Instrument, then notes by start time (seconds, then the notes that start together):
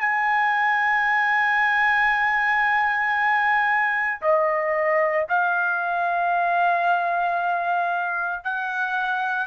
trumpet
0.00 G#5
4.22 D#5
5.29 F5
8.44 F#5